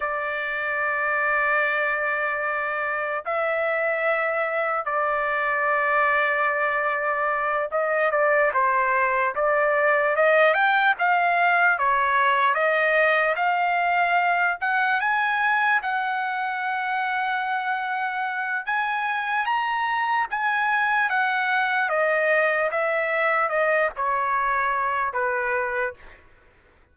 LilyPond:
\new Staff \with { instrumentName = "trumpet" } { \time 4/4 \tempo 4 = 74 d''1 | e''2 d''2~ | d''4. dis''8 d''8 c''4 d''8~ | d''8 dis''8 g''8 f''4 cis''4 dis''8~ |
dis''8 f''4. fis''8 gis''4 fis''8~ | fis''2. gis''4 | ais''4 gis''4 fis''4 dis''4 | e''4 dis''8 cis''4. b'4 | }